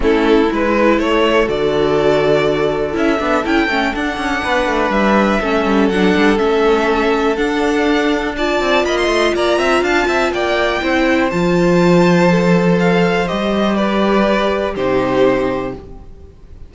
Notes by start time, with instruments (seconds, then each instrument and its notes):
0.00 cello A3, viola C#4, violin E4 A4
0.48 cello G#3, viola E4, violin B4
0.98 cello A3, violin A4 C#5
1.46 cello D3, viola F#4, violin D5
2.92 cello C#4, viola E4, violin E5
3.19 cello B3, viola D4
3.44 cello C#4, viola E4, violin G5
3.67 cello A3, viola C#4
3.93 viola D4, cello D4, violin F#5
4.17 cello C#4
4.43 cello B3, violin B4
4.66 cello A3
4.89 cello G3, violin E5
5.41 cello A3, viola C#4, violin A4
5.65 cello G3
5.88 cello F#3, viola D4, violin F#5
6.16 cello G3
6.37 cello A3, viola C#4, violin E5
7.36 viola D4, cello D4, violin F#5
8.37 viola F4, violin D5 A5
8.60 cello C4
8.84 cello A#3, violin D#5 B5
8.97 violin C6
9.07 cello A3
9.34 cello A#3, violin D5 A#5
9.58 cello C4, violin E5
9.82 cello D4, violin F5 A5
10.07 cello C4, violin E5
10.32 cello A#3, violin D5 G5
10.81 cello C4, viola E4, violin C5
11.30 cello F3, viola F4, violin A5
12.28 viola A4
12.79 violin F5
13.27 cello G3, viola G4, violin D#5
13.76 violin B4 D5
14.75 cello C3, viola D#4, violin G4 C5